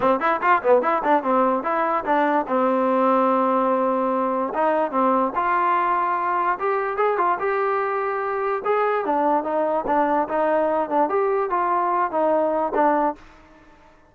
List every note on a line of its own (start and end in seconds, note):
0.00 0.20 C4
0.20 0.40 E4
0.41 0.62 F4
0.62 0.82 B3
0.82 1.02 E4
1.03 1.23 D4
1.23 1.63 C4
1.63 2.04 E4
2.04 2.45 D4
2.47 4.53 C4
4.54 4.91 D#4
4.91 5.32 C4
5.35 6.58 F4
6.59 6.97 G4
6.97 7.17 G#4
7.17 7.38 F4
7.39 8.62 G4
8.64 9.05 G#4
9.05 9.43 D4
9.43 9.84 D#4
9.86 10.27 D4
10.28 10.89 D#4
10.89 11.09 D4
11.09 11.50 G4
11.50 12.11 F4
12.11 12.73 D#4
12.74 13.15 D4